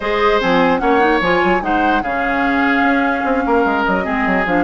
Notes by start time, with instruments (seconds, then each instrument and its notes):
0.00 bassoon G#3, clarinet G#4, oboe C5, flute D#5
0.41 bassoon F3, clarinet C4, flute G#5
0.78 bassoon A#3, clarinet C#4, oboe C#5, flute F#5
0.99 clarinet D#4
1.20 bassoon F3, clarinet F4, flute G#5
1.43 bassoon F#3
1.61 bassoon G#3, clarinet D#4, oboe C5, flute F#5
2.02 bassoon C#3, clarinet C#4, oboe G#4, flute F5
2.82 bassoon C#4
3.24 bassoon C4
3.46 bassoon A#3, oboe A#4
3.64 bassoon G#3
3.84 bassoon F#3, flute D#5
4.03 bassoon G#3, clarinet C4, oboe G#4
4.26 bassoon F#3
4.46 bassoon F3, clarinet D4, flute F5